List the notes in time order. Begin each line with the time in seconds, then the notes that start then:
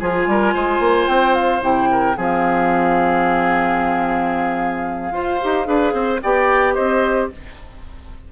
0.00 F3 F4 G#4 G#5
0.27 G3 A#4
0.54 G#3 C5
0.80 A#3
1.08 C4 G5
1.35 F5
1.61 C3 E4 G5
1.92 A#4
2.17 F3 C4 G#4 F5
5.12 F4 C5
5.42 D#4 G4
5.65 D4 G#4 B4
5.94 C4 C5
6.22 B3 G4 D5 G5
6.75 C4 C5 D#5